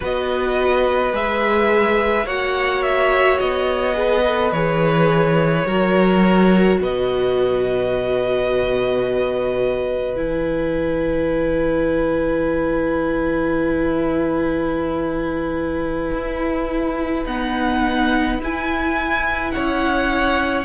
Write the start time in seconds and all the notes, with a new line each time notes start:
0.00 B3 F#4 B4 D#5
1.12 G#3 G#4 E5
2.25 A#3 F#4 C#5 F#5
2.82 E5
3.39 B3 D#5
3.93 G#4 B4
4.25 A4
4.51 E3 G#4 C#5
5.65 F#3 F#4 A#4
6.80 B2 B4 D#5
10.15 E3 E4 G#5
16.14 E4
17.25 B3 D#4 F#5
18.38 E4 G#5
19.51 C#4 C#5 F#5